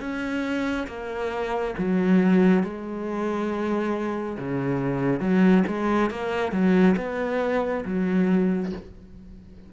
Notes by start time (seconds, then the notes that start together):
0.00 C#4
0.87 A#3
1.78 F#3
2.63 G#3
4.38 C#3
5.20 F#3
5.67 G#3
6.11 A#3
6.52 F#3
6.97 B3
7.85 F#3